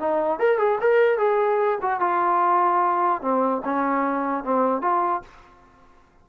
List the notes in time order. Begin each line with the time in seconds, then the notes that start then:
0.00 D#4
0.40 A#4
0.59 G#4
0.81 A#4
1.19 G#4
1.82 F#4
2.00 F4
3.22 C4
3.65 C#4
4.45 C4
4.82 F4